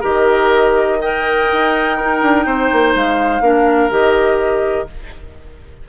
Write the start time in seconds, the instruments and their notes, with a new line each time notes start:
0.00 bassoon D#3, clarinet G4, oboe A#4, flute D#5
1.01 clarinet A#4, oboe D#5, flute G5
1.52 bassoon D#4
1.97 clarinet D#4, oboe A#4
2.22 bassoon D4
2.46 bassoon C4, oboe C5
2.72 bassoon A#3
2.95 bassoon G#3, flute F5
3.41 bassoon A#3, clarinet D4, oboe A#4
3.90 bassoon D#3, clarinet G4, flute D#5